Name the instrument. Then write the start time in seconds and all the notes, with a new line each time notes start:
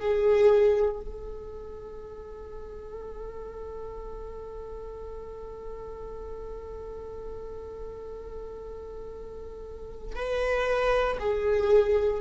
viola
0.00 G#4
1.01 A4
10.16 B4
11.20 G#4